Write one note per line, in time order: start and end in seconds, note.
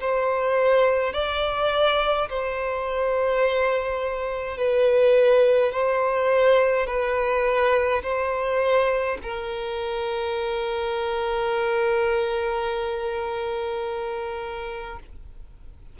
0.00 1.13 C5
1.13 2.28 D5
2.29 4.57 C5
4.57 5.72 B4
5.72 6.87 C5
6.87 8.02 B4
8.02 9.17 C5
9.22 14.99 A#4